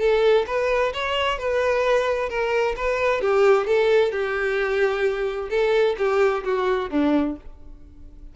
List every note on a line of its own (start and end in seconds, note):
0.00 0.46 A4
0.47 0.93 B4
0.94 1.39 C#5
1.39 2.29 B4
2.29 2.75 A#4
2.76 3.21 B4
3.21 3.67 G4
3.67 4.12 A4
4.12 5.49 G4
5.50 5.96 A4
5.98 6.44 G4
6.44 6.90 F#4
6.90 7.36 D4